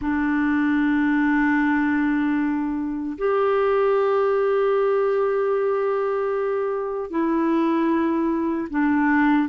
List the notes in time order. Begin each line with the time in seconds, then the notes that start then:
0.01 D4
3.18 G4
7.10 E4
8.69 D4